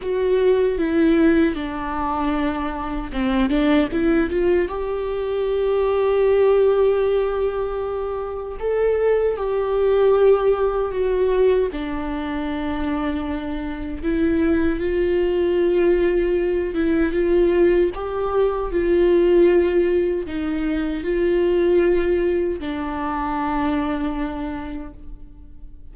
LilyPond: \new Staff \with { instrumentName = "viola" } { \time 4/4 \tempo 4 = 77 fis'4 e'4 d'2 | c'8 d'8 e'8 f'8 g'2~ | g'2. a'4 | g'2 fis'4 d'4~ |
d'2 e'4 f'4~ | f'4. e'8 f'4 g'4 | f'2 dis'4 f'4~ | f'4 d'2. | }